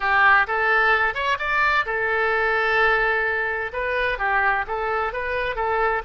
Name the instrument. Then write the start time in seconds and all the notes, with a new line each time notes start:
oboe
0.00 G4
0.47 A4
1.14 C#5
1.38 D5
1.85 A4
3.72 B4
4.18 G4
4.67 A4
5.12 B4
5.55 A4